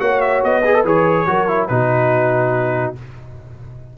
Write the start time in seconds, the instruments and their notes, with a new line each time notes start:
0.00 tuba A#3, trombone F#4, horn C#5, trumpet F#5
0.21 trumpet E5
0.44 tuba B3, trumpet D#5
0.62 trombone G#4, horn B4
0.74 trombone A4
0.84 tuba E3, trombone G#4, trumpet C#5
1.27 tuba F#3, trombone F#4, horn A#4
1.48 trombone E4
1.68 tuba B2, trombone D#4, horn F#4, trumpet B4